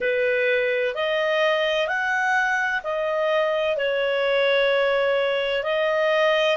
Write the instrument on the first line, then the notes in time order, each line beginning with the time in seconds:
clarinet
0.00 B4
0.95 D#5
1.87 F#5
2.83 D#5
3.77 C#5
5.63 D#5